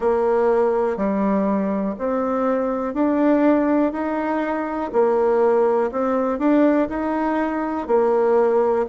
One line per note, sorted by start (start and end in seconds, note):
0.00 0.96 A#3
0.96 1.94 G3
1.98 2.93 C4
2.93 3.92 D4
3.92 4.90 D#4
4.92 5.91 A#3
5.91 6.38 C4
6.38 6.88 D4
6.89 7.87 D#4
7.87 8.85 A#3